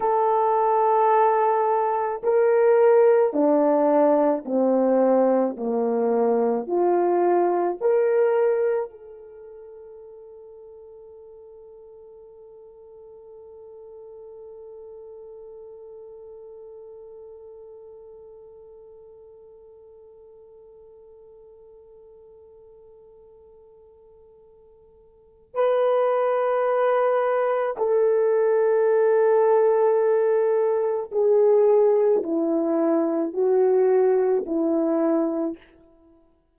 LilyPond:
\new Staff \with { instrumentName = "horn" } { \time 4/4 \tempo 4 = 54 a'2 ais'4 d'4 | c'4 ais4 f'4 ais'4 | a'1~ | a'1~ |
a'1~ | a'2. b'4~ | b'4 a'2. | gis'4 e'4 fis'4 e'4 | }